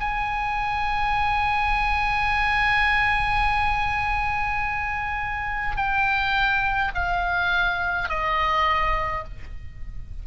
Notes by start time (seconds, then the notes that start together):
0.00 G#5
5.76 G5
6.94 F5
8.09 D#5